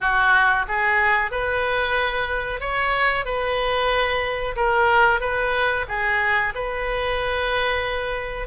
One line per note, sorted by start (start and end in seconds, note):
0.00 0.66 F#4
0.68 1.31 G#4
1.31 2.60 B4
2.60 3.25 C#5
3.25 4.55 B4
4.55 5.20 A#4
5.20 5.85 B4
5.88 6.53 G#4
6.55 8.47 B4